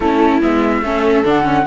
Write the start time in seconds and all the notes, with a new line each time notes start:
0.00 A3 C#4 E4 A4
0.41 G#3 B3 E5
0.81 A3 C#4 A4
1.25 D3 D4 F#5
1.43 C#4